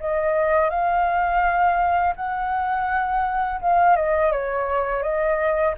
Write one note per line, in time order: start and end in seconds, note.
0.00 0.70 D#5
0.70 2.15 F5
2.16 3.61 F#5
3.61 3.96 F5
3.96 4.32 D#5
4.32 5.03 C#5
5.03 5.75 D#5